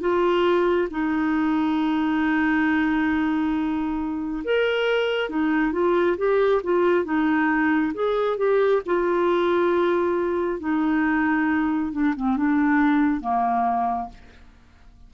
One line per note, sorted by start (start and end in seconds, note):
0.00 0.88 F4
0.91 4.44 D#4
4.44 5.29 A#4
5.29 5.72 D#4
5.72 6.16 F4
6.18 6.62 G4
6.63 7.05 F4
7.05 7.93 D#4
7.94 8.37 G#4
8.37 8.82 G4
8.86 10.60 F4
10.60 11.92 D#4
11.92 12.14 D4
12.16 12.36 C4
12.36 13.21 D4
13.21 14.09 A#3